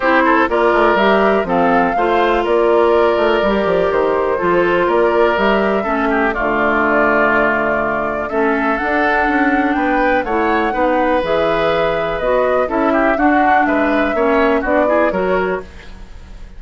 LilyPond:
<<
  \new Staff \with { instrumentName = "flute" } { \time 4/4 \tempo 4 = 123 c''4 d''4 e''4 f''4~ | f''4 d''2. | c''2 d''4 e''4~ | e''4 d''2.~ |
d''4 e''4 fis''2 | g''4 fis''2 e''4~ | e''4 dis''4 e''4 fis''4 | e''2 d''4 cis''4 | }
  \new Staff \with { instrumentName = "oboe" } { \time 4/4 g'8 a'8 ais'2 a'4 | c''4 ais'2.~ | ais'4 a'4 ais'2 | a'8 g'8 f'2.~ |
f'4 a'2. | b'4 cis''4 b'2~ | b'2 a'8 g'8 fis'4 | b'4 cis''4 fis'8 gis'8 ais'4 | }
  \new Staff \with { instrumentName = "clarinet" } { \time 4/4 e'4 f'4 g'4 c'4 | f'2. g'4~ | g'4 f'2 g'4 | cis'4 a2.~ |
a4 cis'4 d'2~ | d'4 e'4 dis'4 gis'4~ | gis'4 fis'4 e'4 d'4~ | d'4 cis'4 d'8 e'8 fis'4 | }
  \new Staff \with { instrumentName = "bassoon" } { \time 4/4 c'4 ais8 a8 g4 f4 | a4 ais4. a8 g8 f8 | dis4 f4 ais4 g4 | a4 d2.~ |
d4 a4 d'4 cis'4 | b4 a4 b4 e4~ | e4 b4 cis'4 d'4 | gis4 ais4 b4 fis4 | }
>>